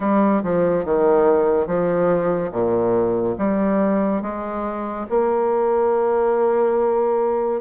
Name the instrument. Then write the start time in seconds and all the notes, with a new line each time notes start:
bassoon
0.00 G3
0.43 F3
0.85 D#3
1.66 F3
2.51 A#2
3.38 G3
4.21 G#3
5.09 A#3